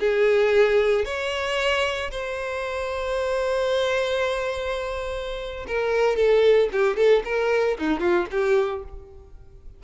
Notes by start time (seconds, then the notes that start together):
0.00 G#4
1.06 C#5
2.11 C5
5.68 A#4
6.17 A4
6.72 G4
6.97 A4
7.25 A#4
7.79 D#4
8.00 F4
8.31 G4